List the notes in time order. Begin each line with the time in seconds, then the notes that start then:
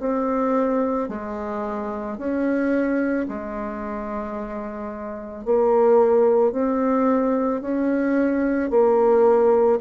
0.00 C4
1.09 G#3
2.18 C#4
3.29 G#3
5.45 A#3
6.53 C4
7.62 C#4
8.70 A#3